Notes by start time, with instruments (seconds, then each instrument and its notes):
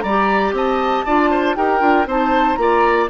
0.00 bassoon G3, oboe D5, flute A#5
0.08 clarinet G4
0.52 bassoon C4, oboe D#5, flute A5
1.05 bassoon D4, clarinet F4, oboe D5
1.30 oboe C5
1.55 bassoon D#4, clarinet G4, oboe A#4, flute G5
1.79 bassoon D4, clarinet F4
2.06 bassoon C4, clarinet D#4, oboe C5, flute A5
2.55 bassoon A#3, clarinet F4, flute A#5
2.61 oboe D5